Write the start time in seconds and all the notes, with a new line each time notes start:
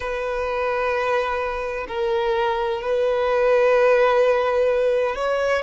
0.00 B4
1.87 A#4
2.81 B4
5.15 C#5